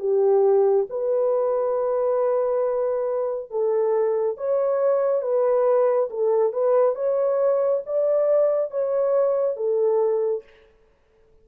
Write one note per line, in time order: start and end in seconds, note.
0.00 0.87 G4
0.90 3.51 B4
3.51 4.38 A4
4.38 5.23 C#5
5.23 6.09 B4
6.11 6.53 A4
6.53 6.96 B4
6.96 7.83 C#5
7.87 8.71 D5
8.71 9.57 C#5
9.57 10.44 A4